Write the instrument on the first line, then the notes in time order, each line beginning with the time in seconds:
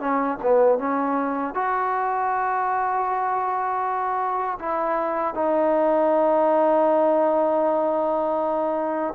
trombone
0.00 C#4
0.42 B3
0.78 C#4
1.54 F#4
4.59 E4
5.34 D#4